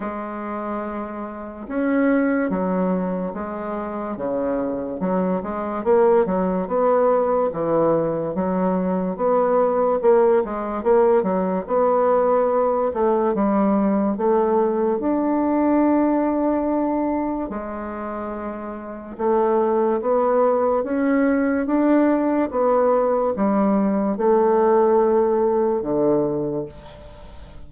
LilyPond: \new Staff \with { instrumentName = "bassoon" } { \time 4/4 \tempo 4 = 72 gis2 cis'4 fis4 | gis4 cis4 fis8 gis8 ais8 fis8 | b4 e4 fis4 b4 | ais8 gis8 ais8 fis8 b4. a8 |
g4 a4 d'2~ | d'4 gis2 a4 | b4 cis'4 d'4 b4 | g4 a2 d4 | }